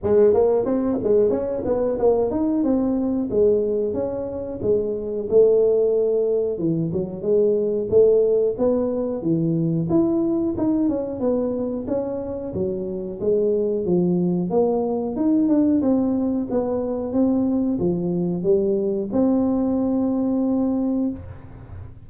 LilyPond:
\new Staff \with { instrumentName = "tuba" } { \time 4/4 \tempo 4 = 91 gis8 ais8 c'8 gis8 cis'8 b8 ais8 dis'8 | c'4 gis4 cis'4 gis4 | a2 e8 fis8 gis4 | a4 b4 e4 e'4 |
dis'8 cis'8 b4 cis'4 fis4 | gis4 f4 ais4 dis'8 d'8 | c'4 b4 c'4 f4 | g4 c'2. | }